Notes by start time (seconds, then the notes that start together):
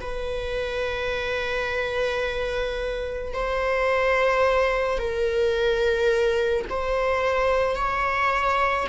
0.00 B4
3.33 C5
4.98 A#4
6.69 C5
7.75 C#5